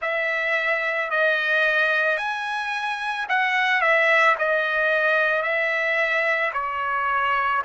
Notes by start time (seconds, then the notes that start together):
0.01 E5
1.10 D#5
2.17 G#5
3.28 F#5
3.81 E5
4.38 D#5
5.42 E5
6.53 C#5